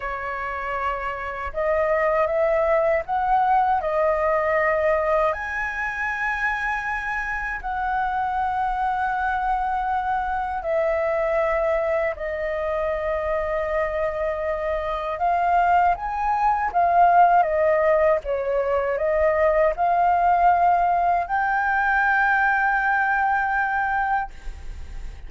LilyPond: \new Staff \with { instrumentName = "flute" } { \time 4/4 \tempo 4 = 79 cis''2 dis''4 e''4 | fis''4 dis''2 gis''4~ | gis''2 fis''2~ | fis''2 e''2 |
dis''1 | f''4 gis''4 f''4 dis''4 | cis''4 dis''4 f''2 | g''1 | }